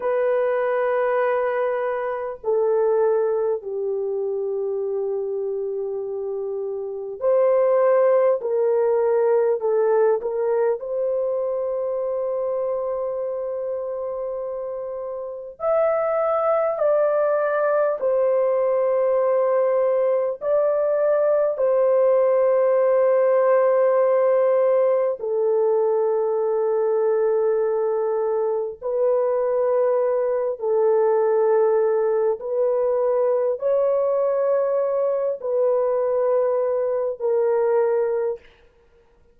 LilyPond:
\new Staff \with { instrumentName = "horn" } { \time 4/4 \tempo 4 = 50 b'2 a'4 g'4~ | g'2 c''4 ais'4 | a'8 ais'8 c''2.~ | c''4 e''4 d''4 c''4~ |
c''4 d''4 c''2~ | c''4 a'2. | b'4. a'4. b'4 | cis''4. b'4. ais'4 | }